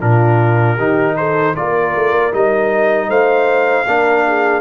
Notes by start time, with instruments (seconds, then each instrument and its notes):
0.00 tuba A#2, trombone D4, horn F4, trumpet A#4
0.76 tuba D#3, trombone D#4, horn G4
1.17 horn A4, trumpet C5
1.56 tuba A#3, trombone F4, horn A#4, trumpet D5
1.96 tuba A3
2.12 tuba A#3
2.33 tuba G3, trombone D#4, trumpet D#5
3.09 tuba A3, horn C5, trumpet F5
3.87 tuba A#3, trombone D4, horn A#4
4.27 horn G#4